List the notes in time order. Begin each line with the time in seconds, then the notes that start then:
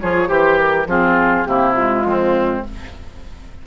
0.00 F3 F4 G#4 C#5
0.27 E3 G4 C5
0.58 A#4
0.86 F3 C4 F4 G#4
1.45 C3 A#3 E4 G4
1.74 G#3 F4
2.03 F2 C4